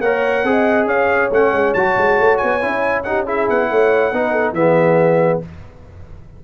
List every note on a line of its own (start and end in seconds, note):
0.00 0.43 A#3
0.00 0.45 A#4
0.00 0.46 C#5
0.00 0.87 F#5
0.43 0.86 C4
0.43 1.31 G#4
0.43 0.88 D#5
0.86 1.29 C#4
0.86 3.04 C#5
0.86 1.31 F5
1.31 1.53 A3
1.31 1.76 C#4
1.31 1.73 F#5
1.53 1.74 G#3
1.73 1.97 F#3
1.73 2.61 F#4
1.73 2.37 A5
1.97 2.19 G#3
2.19 2.40 A3
2.37 3.02 G#5
2.43 2.62 B3
2.61 3.49 C#4
2.61 3.04 E4
3.03 3.26 D#4
3.03 3.25 G4
3.03 3.25 F#5
3.25 4.13 E4
3.25 3.68 G#4
3.25 3.49 E5
3.49 3.71 B3
3.49 4.54 F#5
3.70 4.12 A3
3.70 4.13 C#5
4.12 4.52 B3
4.12 4.56 D#4
4.12 4.32 B4
4.32 4.53 A4
4.52 5.38 E3
4.52 5.42 B3
4.52 5.44 G#4
4.52 5.40 E5